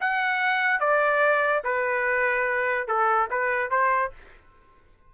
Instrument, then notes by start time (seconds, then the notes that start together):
trumpet
0.00 F#5
0.80 D5
1.64 B4
2.87 A4
3.30 B4
3.70 C5